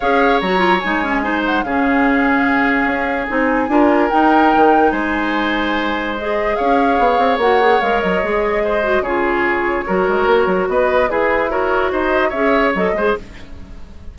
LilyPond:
<<
  \new Staff \with { instrumentName = "flute" } { \time 4/4 \tempo 4 = 146 f''4 ais''4 gis''4. fis''8 | f''1 | gis''2 g''2 | gis''2. dis''4 |
f''2 fis''4 f''8 dis''8~ | dis''2 cis''2~ | cis''2 dis''4 b'4 | cis''4 dis''4 e''4 dis''4 | }
  \new Staff \with { instrumentName = "oboe" } { \time 4/4 cis''2. c''4 | gis'1~ | gis'4 ais'2. | c''1 |
cis''1~ | cis''4 c''4 gis'2 | ais'2 b'4 gis'4 | ais'4 c''4 cis''4. c''8 | }
  \new Staff \with { instrumentName = "clarinet" } { \time 4/4 gis'4 fis'8 f'8 dis'8 cis'8 dis'4 | cis'1 | dis'4 f'4 dis'2~ | dis'2. gis'4~ |
gis'2 fis'8 gis'8 ais'4 | gis'4. fis'8 f'2 | fis'2. gis'4 | fis'2 gis'4 a'8 gis'8 | }
  \new Staff \with { instrumentName = "bassoon" } { \time 4/4 cis'4 fis4 gis2 | cis2. cis'4 | c'4 d'4 dis'4 dis4 | gis1 |
cis'4 b8 c'8 ais4 gis8 fis8 | gis2 cis2 | fis8 gis8 ais8 fis8 b4 e'4~ | e'4 dis'4 cis'4 fis8 gis8 | }
>>